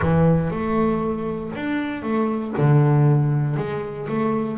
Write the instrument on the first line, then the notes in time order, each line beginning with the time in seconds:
double bass
0.01 E3
0.50 A3
1.55 D4
2.02 A3
2.57 D3
3.56 G#3
4.08 A3